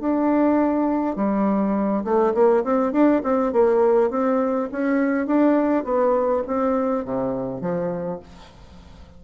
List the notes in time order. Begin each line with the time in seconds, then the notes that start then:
0.00 D4
1.16 G3
2.05 A3
2.34 A#3
2.64 C4
2.93 D4
3.24 C4
3.53 A#3
4.10 C4
4.72 C#4
5.27 D4
5.85 B3
6.47 C4
7.05 C3
7.61 F3